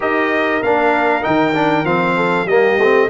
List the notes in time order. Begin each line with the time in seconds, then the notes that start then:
0.00 D#4 G4 A#4 D#5
0.62 A#3 D4 F5
1.22 D#3 D#4 G5
1.54 D4
1.84 F3 C4 F5
2.16 A4
2.45 G3 A#3 G4 D#5
2.77 A3 C4